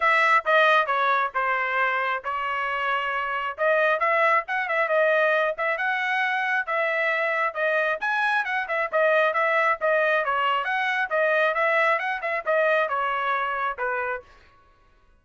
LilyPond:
\new Staff \with { instrumentName = "trumpet" } { \time 4/4 \tempo 4 = 135 e''4 dis''4 cis''4 c''4~ | c''4 cis''2. | dis''4 e''4 fis''8 e''8 dis''4~ | dis''8 e''8 fis''2 e''4~ |
e''4 dis''4 gis''4 fis''8 e''8 | dis''4 e''4 dis''4 cis''4 | fis''4 dis''4 e''4 fis''8 e''8 | dis''4 cis''2 b'4 | }